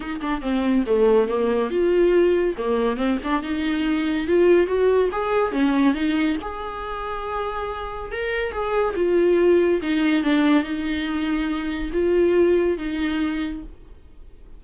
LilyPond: \new Staff \with { instrumentName = "viola" } { \time 4/4 \tempo 4 = 141 dis'8 d'8 c'4 a4 ais4 | f'2 ais4 c'8 d'8 | dis'2 f'4 fis'4 | gis'4 cis'4 dis'4 gis'4~ |
gis'2. ais'4 | gis'4 f'2 dis'4 | d'4 dis'2. | f'2 dis'2 | }